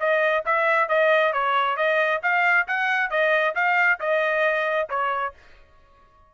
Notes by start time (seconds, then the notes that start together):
0.00 D#5
0.46 E5
0.89 D#5
1.33 C#5
1.77 D#5
2.23 F5
2.68 F#5
3.11 D#5
3.55 F5
4.00 D#5
4.90 C#5